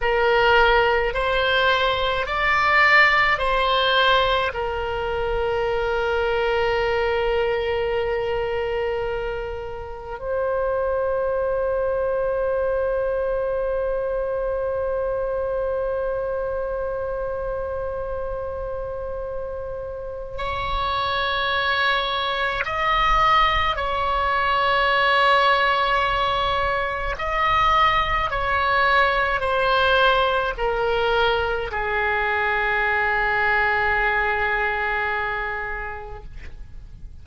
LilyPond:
\new Staff \with { instrumentName = "oboe" } { \time 4/4 \tempo 4 = 53 ais'4 c''4 d''4 c''4 | ais'1~ | ais'4 c''2.~ | c''1~ |
c''2 cis''2 | dis''4 cis''2. | dis''4 cis''4 c''4 ais'4 | gis'1 | }